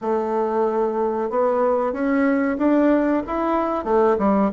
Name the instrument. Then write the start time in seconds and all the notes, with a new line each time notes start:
bassoon
0.01 A3
1.30 B3
1.92 C#4
2.58 D4
3.26 E4
3.84 A3
4.18 G3